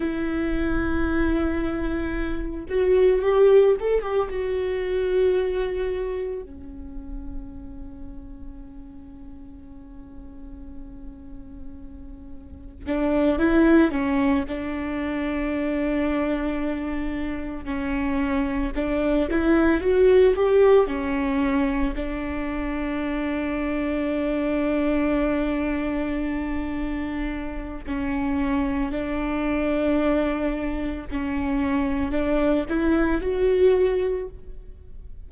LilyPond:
\new Staff \with { instrumentName = "viola" } { \time 4/4 \tempo 4 = 56 e'2~ e'8 fis'8 g'8 a'16 g'16 | fis'2 cis'2~ | cis'1 | d'8 e'8 cis'8 d'2~ d'8~ |
d'8 cis'4 d'8 e'8 fis'8 g'8 cis'8~ | cis'8 d'2.~ d'8~ | d'2 cis'4 d'4~ | d'4 cis'4 d'8 e'8 fis'4 | }